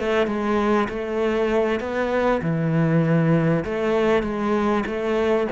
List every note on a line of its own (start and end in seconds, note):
0.00 0.27 A3
0.27 0.88 G#3
0.89 1.80 A3
1.80 2.42 B3
2.42 3.65 E3
3.65 4.23 A3
4.23 4.85 G#3
4.86 5.48 A3